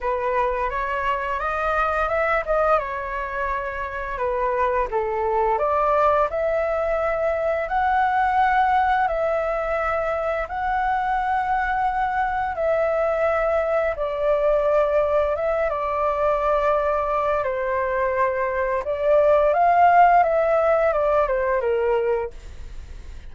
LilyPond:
\new Staff \with { instrumentName = "flute" } { \time 4/4 \tempo 4 = 86 b'4 cis''4 dis''4 e''8 dis''8 | cis''2 b'4 a'4 | d''4 e''2 fis''4~ | fis''4 e''2 fis''4~ |
fis''2 e''2 | d''2 e''8 d''4.~ | d''4 c''2 d''4 | f''4 e''4 d''8 c''8 ais'4 | }